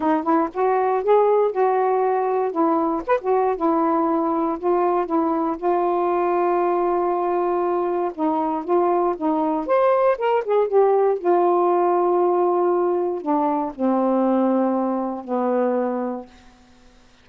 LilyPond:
\new Staff \with { instrumentName = "saxophone" } { \time 4/4 \tempo 4 = 118 dis'8 e'8 fis'4 gis'4 fis'4~ | fis'4 e'4 b'16 fis'8. e'4~ | e'4 f'4 e'4 f'4~ | f'1 |
dis'4 f'4 dis'4 c''4 | ais'8 gis'8 g'4 f'2~ | f'2 d'4 c'4~ | c'2 b2 | }